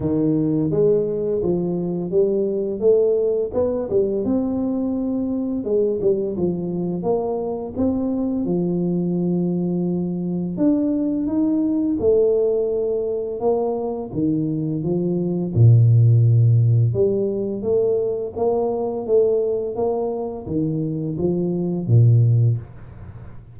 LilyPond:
\new Staff \with { instrumentName = "tuba" } { \time 4/4 \tempo 4 = 85 dis4 gis4 f4 g4 | a4 b8 g8 c'2 | gis8 g8 f4 ais4 c'4 | f2. d'4 |
dis'4 a2 ais4 | dis4 f4 ais,2 | g4 a4 ais4 a4 | ais4 dis4 f4 ais,4 | }